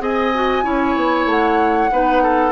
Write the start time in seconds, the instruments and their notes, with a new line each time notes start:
0.00 bassoon C4, clarinet G#4, oboe D#5, flute G#5
0.35 clarinet F#4
0.64 bassoon C#4, clarinet E4, oboe C#5
0.96 bassoon B3
1.26 bassoon A3, flute F#5
1.92 bassoon B3, clarinet D#4, oboe B4
2.23 oboe A4